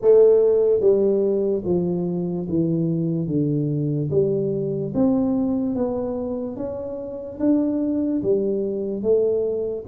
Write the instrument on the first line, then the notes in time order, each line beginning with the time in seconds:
tuba
0.01 A3
0.80 G3
1.64 F3
2.48 E3
3.27 D3
4.10 G3
4.94 C4
5.75 B3
6.56 C#4
7.39 D4
8.22 G3
9.02 A3